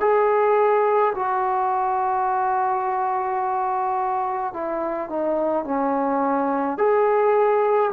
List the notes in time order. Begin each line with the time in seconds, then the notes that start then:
0.00 G#4
1.15 F#4
4.53 E4
5.09 D#4
5.64 C#4
6.78 G#4